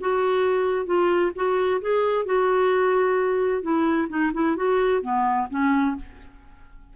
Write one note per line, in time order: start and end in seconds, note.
0.00 0.86 F#4
0.86 1.32 F4
1.35 1.81 F#4
1.82 2.25 G#4
2.25 3.62 F#4
3.62 4.08 E4
4.09 4.32 D#4
4.33 4.56 E4
4.56 5.02 F#4
5.02 5.48 B3
5.50 5.96 C#4